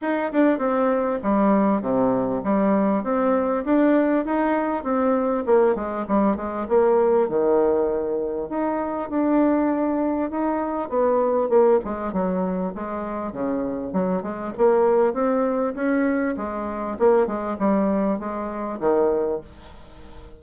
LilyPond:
\new Staff \with { instrumentName = "bassoon" } { \time 4/4 \tempo 4 = 99 dis'8 d'8 c'4 g4 c4 | g4 c'4 d'4 dis'4 | c'4 ais8 gis8 g8 gis8 ais4 | dis2 dis'4 d'4~ |
d'4 dis'4 b4 ais8 gis8 | fis4 gis4 cis4 fis8 gis8 | ais4 c'4 cis'4 gis4 | ais8 gis8 g4 gis4 dis4 | }